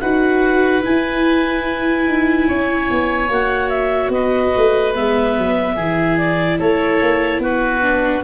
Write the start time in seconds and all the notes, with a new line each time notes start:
0.00 D#4 F#4 B4 F#5
0.82 E4 G#5
2.07 D#4
2.48 C#4 C#5
2.91 B3
3.29 A#3 F#4 F#5
3.69 E5
4.09 B3 B4 D#5
4.57 A3
4.95 G#3 B3 E5
5.38 F#3
5.76 E3 E4 G#4
6.18 D5
6.59 A3 A4 C#5
7.01 A#3
7.39 B3 F#4 B4
7.82 D4